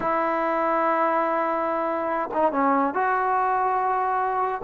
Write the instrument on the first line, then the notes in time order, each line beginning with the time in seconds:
trombone
0.00 E4
2.33 D#4
2.52 C#4
2.94 F#4